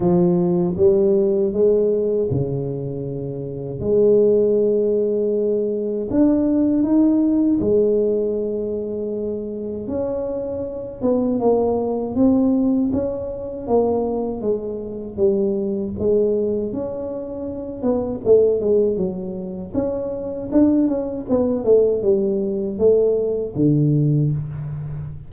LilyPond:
\new Staff \with { instrumentName = "tuba" } { \time 4/4 \tempo 4 = 79 f4 g4 gis4 cis4~ | cis4 gis2. | d'4 dis'4 gis2~ | gis4 cis'4. b8 ais4 |
c'4 cis'4 ais4 gis4 | g4 gis4 cis'4. b8 | a8 gis8 fis4 cis'4 d'8 cis'8 | b8 a8 g4 a4 d4 | }